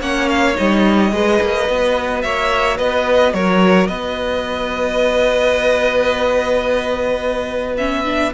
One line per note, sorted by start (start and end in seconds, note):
0.00 0.56 A#3
0.00 0.55 C#4
0.00 1.12 C#5
0.00 0.29 F#5
0.29 0.57 F5
0.55 1.12 G3
0.55 1.11 D#4
0.55 2.22 D#5
1.11 1.40 G#3
1.11 1.66 G#4
1.11 2.24 B4
1.41 1.69 A#3
1.66 2.24 B3
1.66 7.77 F#4
2.22 2.79 A#3
2.22 2.78 C#5
2.22 2.77 E5
2.78 3.34 B3
2.78 3.33 B4
2.78 3.34 D#5
3.34 3.89 F#3
3.34 3.88 A#4
3.34 3.87 C#5
3.87 8.33 B3
3.87 8.33 B4
3.87 7.76 D#5
7.77 8.05 C#4
7.77 8.33 E5
8.05 8.33 D4